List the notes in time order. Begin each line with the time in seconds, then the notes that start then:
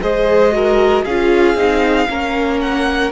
0.00 G#3 G#4 C5 D#5
0.52 F#4 A#4
1.04 C#4 F4 G#4 F5
1.54 C4 D#4
2.08 A#3 C#4 A#4
2.61 F#5